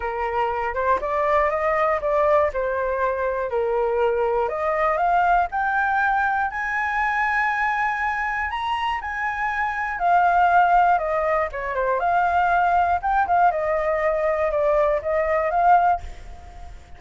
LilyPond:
\new Staff \with { instrumentName = "flute" } { \time 4/4 \tempo 4 = 120 ais'4. c''8 d''4 dis''4 | d''4 c''2 ais'4~ | ais'4 dis''4 f''4 g''4~ | g''4 gis''2.~ |
gis''4 ais''4 gis''2 | f''2 dis''4 cis''8 c''8 | f''2 g''8 f''8 dis''4~ | dis''4 d''4 dis''4 f''4 | }